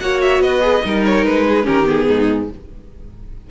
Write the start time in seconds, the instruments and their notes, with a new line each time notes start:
0.00 cello A#3, viola F#4, violin C#5 F#5
0.21 violin E5
0.39 cello B3, violin B4 D#5
0.61 viola G#4
0.84 cello G3, viola D#4, violin A#4
1.05 violin C#5
1.25 cello G#3, violin B4
1.48 violin G#4
1.63 cello D#3, viola C#4, violin G4 A#4
1.85 viola B3, violin G#4
2.08 cello G#2, violin D#4